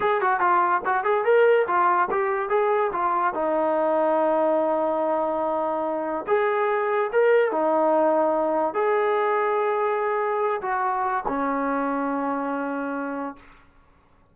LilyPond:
\new Staff \with { instrumentName = "trombone" } { \time 4/4 \tempo 4 = 144 gis'8 fis'8 f'4 fis'8 gis'8 ais'4 | f'4 g'4 gis'4 f'4 | dis'1~ | dis'2. gis'4~ |
gis'4 ais'4 dis'2~ | dis'4 gis'2.~ | gis'4. fis'4. cis'4~ | cis'1 | }